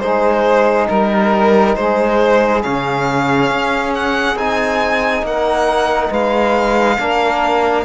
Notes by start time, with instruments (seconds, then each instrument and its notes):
0.00 cello G#3, trombone D#4, saxophone G#4, violin C5
0.89 cello G3, violin A#4, saxophone A#4
1.75 cello G#3, saxophone G#4, violin C5
2.63 cello C#3, trombone C#4, violin F5
3.51 cello C#4
3.94 violin F#5
4.36 cello C4, trombone D#4, violin G#5
5.22 cello A#3, saxophone A#4, violin F#5
6.09 cello G#3, saxophone B4, violin F5
6.99 cello A#3, trombone D4, saxophone A#4